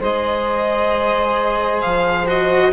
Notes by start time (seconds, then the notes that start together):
0.00 G#3 G#4 C5 D#5
1.82 F3 F5
2.27 F#4 D#5